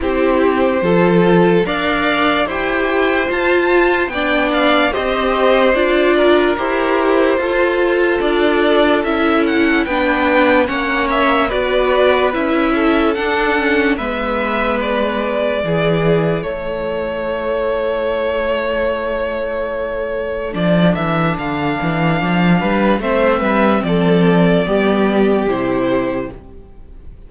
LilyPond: <<
  \new Staff \with { instrumentName = "violin" } { \time 4/4 \tempo 4 = 73 c''2 f''4 g''4 | a''4 g''8 f''8 dis''4 d''4 | c''2 d''4 e''8 fis''8 | g''4 fis''8 e''8 d''4 e''4 |
fis''4 e''4 d''2 | cis''1~ | cis''4 d''8 e''8 f''2 | e''4 d''2 c''4 | }
  \new Staff \with { instrumentName = "violin" } { \time 4/4 g'4 a'4 d''4 c''4~ | c''4 d''4 c''4. ais'8~ | ais'4 a'2. | b'4 cis''4 b'4. a'8~ |
a'4 b'2 gis'4 | a'1~ | a'2.~ a'8 b'8 | c''8 b'8 a'4 g'2 | }
  \new Staff \with { instrumentName = "viola" } { \time 4/4 e'4 f'4 ais'4 g'4 | f'4 d'4 g'4 f'4 | g'4 f'2 e'4 | d'4 cis'4 fis'4 e'4 |
d'8 cis'8 b2 e'4~ | e'1~ | e'4 d'2. | c'2 b4 e'4 | }
  \new Staff \with { instrumentName = "cello" } { \time 4/4 c'4 f4 d'4 e'4 | f'4 b4 c'4 d'4 | e'4 f'4 d'4 cis'4 | b4 ais4 b4 cis'4 |
d'4 gis2 e4 | a1~ | a4 f8 e8 d8 e8 f8 g8 | a8 g8 f4 g4 c4 | }
>>